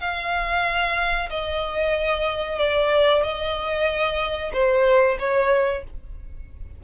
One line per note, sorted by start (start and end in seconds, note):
0.00 1.29 F5
1.29 2.58 D#5
2.58 3.23 D5
3.23 4.52 D#5
4.53 5.17 C5
5.19 5.83 C#5